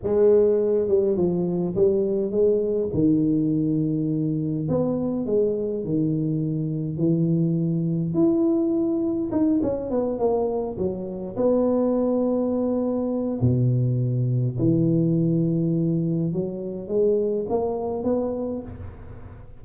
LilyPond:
\new Staff \with { instrumentName = "tuba" } { \time 4/4 \tempo 4 = 103 gis4. g8 f4 g4 | gis4 dis2. | b4 gis4 dis2 | e2 e'2 |
dis'8 cis'8 b8 ais4 fis4 b8~ | b2. b,4~ | b,4 e2. | fis4 gis4 ais4 b4 | }